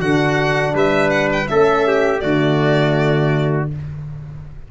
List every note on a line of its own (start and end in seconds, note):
0.00 0.75 D3
0.00 1.48 D4
0.00 0.74 F#4
0.00 0.75 F#5
0.75 1.49 G3
0.75 1.50 B4
0.75 1.11 E5
1.11 1.29 F#5
1.33 1.48 G5
1.48 2.24 A3
1.48 2.20 C#4
1.48 1.88 A4
1.48 2.21 E5
1.88 2.23 G4
2.20 3.72 D3
2.20 3.68 A3
2.20 3.71 F#4
2.20 3.69 D5